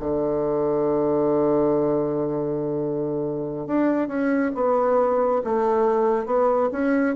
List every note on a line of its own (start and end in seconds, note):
0.00 3.67 D3
3.67 4.08 D4
4.08 4.51 C#4
4.55 5.42 B3
5.45 6.26 A3
6.26 6.70 B3
6.72 7.15 C#4